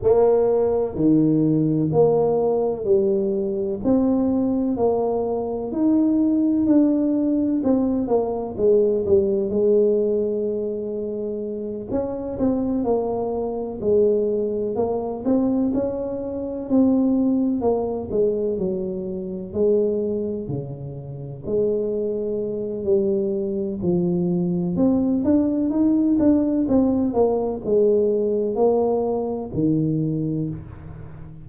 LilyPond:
\new Staff \with { instrumentName = "tuba" } { \time 4/4 \tempo 4 = 63 ais4 dis4 ais4 g4 | c'4 ais4 dis'4 d'4 | c'8 ais8 gis8 g8 gis2~ | gis8 cis'8 c'8 ais4 gis4 ais8 |
c'8 cis'4 c'4 ais8 gis8 fis8~ | fis8 gis4 cis4 gis4. | g4 f4 c'8 d'8 dis'8 d'8 | c'8 ais8 gis4 ais4 dis4 | }